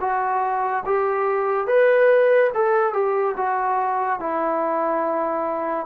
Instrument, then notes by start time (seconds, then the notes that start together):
trombone
0.00 F#4
0.85 G4
1.67 B4
2.54 A4
2.93 G4
3.37 F#4
4.20 E4